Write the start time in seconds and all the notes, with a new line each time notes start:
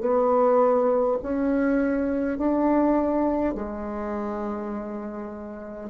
0.00 B3
1.22 C#4
2.38 D4
3.55 G#3